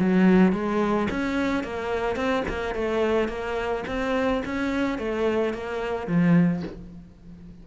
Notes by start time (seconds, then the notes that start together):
0.00 F#3
0.53 G#3
1.11 C#4
1.64 A#3
2.16 C4
2.49 A#3
2.75 A3
3.29 A#3
3.87 C4
4.45 C#4
4.98 A3
5.54 A#3
6.07 F3